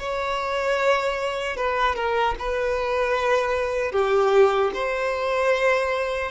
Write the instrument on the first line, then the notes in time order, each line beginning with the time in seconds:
violin
0.00 C#5
1.57 B4
1.96 A#4
2.40 B4
3.92 G4
4.74 C5